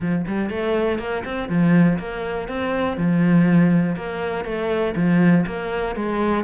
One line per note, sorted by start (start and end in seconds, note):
0.00 0.25 F3
0.27 0.50 G3
0.50 0.98 A3
0.98 1.23 A#3
1.25 1.48 C4
1.48 1.98 F3
1.98 2.48 A#3
2.48 2.97 C4
2.97 3.96 F3
3.96 4.44 A#3
4.44 4.94 A3
4.95 5.45 F3
5.46 5.95 A#3
5.95 6.44 G#3